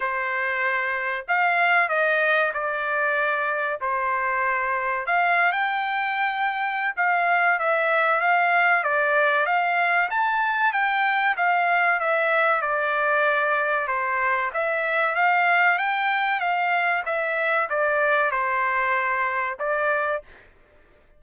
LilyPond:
\new Staff \with { instrumentName = "trumpet" } { \time 4/4 \tempo 4 = 95 c''2 f''4 dis''4 | d''2 c''2 | f''8. g''2~ g''16 f''4 | e''4 f''4 d''4 f''4 |
a''4 g''4 f''4 e''4 | d''2 c''4 e''4 | f''4 g''4 f''4 e''4 | d''4 c''2 d''4 | }